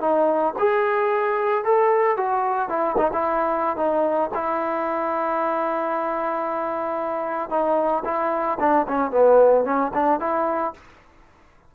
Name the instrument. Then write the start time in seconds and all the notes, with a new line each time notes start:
trombone
0.00 D#4
0.58 G#4
1.64 A4
2.16 F#4
2.69 E4
2.97 D#4
3.13 E4
3.76 D#4
4.34 E4
7.50 D#4
8.04 E4
8.59 D4
8.88 C#4
9.10 B3
9.64 C#4
9.93 D4
10.19 E4